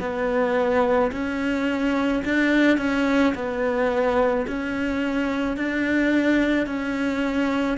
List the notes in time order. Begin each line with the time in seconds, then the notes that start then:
0.00 B3
1.12 C#4
2.25 D4
2.78 C#4
3.35 B3
4.47 C#4
5.57 D4
6.66 C#4